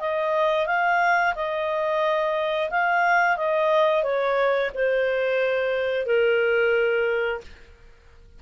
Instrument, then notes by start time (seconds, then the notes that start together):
clarinet
0.00 D#5
0.66 F5
1.35 D#5
2.70 F5
3.37 D#5
4.03 C#5
4.74 C5
6.06 A#4